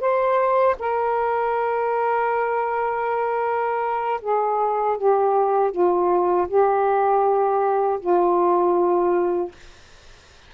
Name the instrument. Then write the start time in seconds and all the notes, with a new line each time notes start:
saxophone
0.00 C5
0.79 A#4
4.22 G#4
4.97 G4
5.72 F4
6.48 G4
8.00 F4